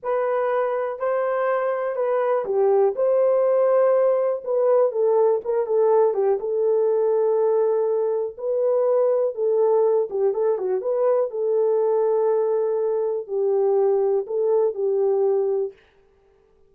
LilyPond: \new Staff \with { instrumentName = "horn" } { \time 4/4 \tempo 4 = 122 b'2 c''2 | b'4 g'4 c''2~ | c''4 b'4 a'4 ais'8 a'8~ | a'8 g'8 a'2.~ |
a'4 b'2 a'4~ | a'8 g'8 a'8 fis'8 b'4 a'4~ | a'2. g'4~ | g'4 a'4 g'2 | }